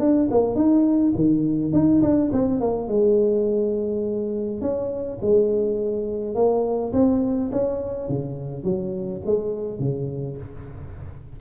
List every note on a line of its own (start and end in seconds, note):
0.00 0.29 D4
0.31 0.56 A#3
0.56 1.13 D#4
1.16 1.73 D#3
1.73 2.02 D#4
2.02 2.31 D4
2.33 2.61 C4
2.61 2.88 A#3
2.88 4.62 G#3
4.62 5.19 C#4
5.22 6.35 G#3
6.35 6.93 A#3
6.93 7.51 C4
7.52 8.09 C#4
8.09 8.64 C#3
8.64 9.22 F#3
9.26 9.79 G#3
9.79 10.37 C#3